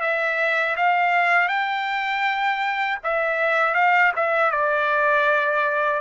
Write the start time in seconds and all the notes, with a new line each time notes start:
0.00 E5
0.76 F5
1.48 G5
3.03 E5
3.74 F5
4.16 E5
4.51 D5